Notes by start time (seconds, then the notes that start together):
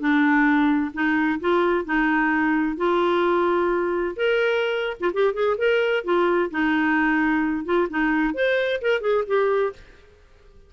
0.00 D4
0.94 D#4
1.41 F4
1.86 D#4
2.77 F4
4.17 A#4
5.01 F4
5.14 G4
5.34 G#4
5.58 A#4
6.05 F4
6.51 D#4
7.65 F4
7.90 D#4
8.35 C5
8.82 A#4
9.01 G#4
9.27 G4